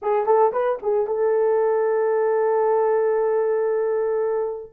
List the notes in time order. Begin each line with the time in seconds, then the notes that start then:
0.01 G#4
0.25 A4
0.52 B4
0.82 G#4
1.06 A4